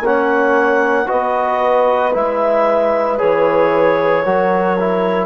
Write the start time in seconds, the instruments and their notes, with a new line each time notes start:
0.00 bassoon A#3, trombone C#4, horn C#5, clarinet F#5
1.06 bassoon B3, trombone F#4, horn B4, clarinet D#5
2.13 bassoon G#3, trombone E4, clarinet E5
3.18 bassoon E3, trombone G#4, clarinet C#5
4.24 bassoon F#3, trombone F#4, horn A#4
4.79 trombone E4